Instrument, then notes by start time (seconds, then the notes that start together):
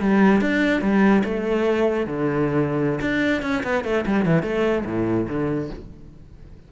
cello
0.00 G3
0.41 D4
0.81 G3
1.24 A3
2.07 D3
3.01 D4
3.42 C#4
3.63 B3
3.84 A3
4.06 G3
4.25 E3
4.42 A3
4.85 A2
5.28 D3